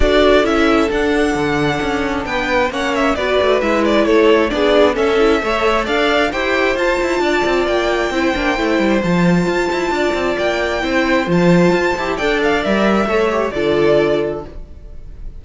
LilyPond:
<<
  \new Staff \with { instrumentName = "violin" } { \time 4/4 \tempo 4 = 133 d''4 e''4 fis''2~ | fis''4 g''4 fis''8 e''8 d''4 | e''8 d''8 cis''4 d''4 e''4~ | e''4 f''4 g''4 a''4~ |
a''4 g''2. | a''2. g''4~ | g''4 a''2 g''8 f''8 | e''2 d''2 | }
  \new Staff \with { instrumentName = "violin" } { \time 4/4 a'1~ | a'4 b'4 cis''4 b'4~ | b'4 a'4 gis'4 a'4 | cis''4 d''4 c''2 |
d''2 c''2~ | c''2 d''2 | c''2. d''4~ | d''4 cis''4 a'2 | }
  \new Staff \with { instrumentName = "viola" } { \time 4/4 fis'4 e'4 d'2~ | d'2 cis'4 fis'4 | e'2 d'4 cis'8 e'8 | a'2 g'4 f'4~ |
f'2 e'8 d'8 e'4 | f'1 | e'4 f'4. g'8 a'4 | ais'4 a'8 g'8 f'2 | }
  \new Staff \with { instrumentName = "cello" } { \time 4/4 d'4 cis'4 d'4 d4 | cis'4 b4 ais4 b8 a8 | gis4 a4 b4 cis'4 | a4 d'4 e'4 f'8 e'8 |
d'8 c'8 ais4 c'8 ais8 a8 g8 | f4 f'8 e'8 d'8 c'8 ais4 | c'4 f4 f'8 e'8 d'4 | g4 a4 d2 | }
>>